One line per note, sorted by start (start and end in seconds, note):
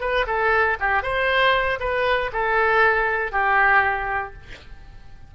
0.00 0.25 B4
0.26 0.77 A4
0.80 1.02 G4
1.02 1.79 C5
1.80 2.31 B4
2.32 3.31 A4
3.31 4.33 G4